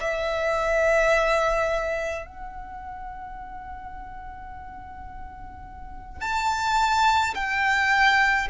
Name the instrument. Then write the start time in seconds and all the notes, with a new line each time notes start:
violin
0.00 E5
2.26 F#5
6.21 A5
7.34 G5